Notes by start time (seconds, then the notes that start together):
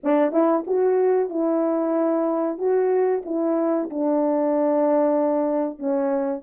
0.03 D4
0.31 E4
0.67 F#4
1.29 E4
2.58 F#4
3.25 E4
3.90 D4
5.78 C#4